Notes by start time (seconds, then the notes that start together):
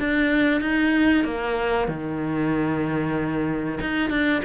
0.00 D4
0.61 D#4
1.25 A#3
1.88 D#3
3.81 D#4
4.11 D4